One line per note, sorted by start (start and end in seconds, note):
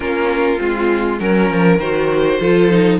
0.00 0.58 A#3
0.00 0.57 C#4
0.00 1.18 F4
0.00 0.60 A#4
0.57 1.20 G#3
0.57 1.17 C4
0.57 1.19 F4
1.19 1.50 F#3
1.19 1.79 C#4
1.19 2.39 A#4
1.19 1.78 A#4
1.50 1.78 F3
1.78 2.38 D#3
1.78 2.40 F#4
1.78 2.98 C5
2.40 2.99 F3
2.40 2.70 F4
2.40 2.99 A4
2.70 2.99 D#4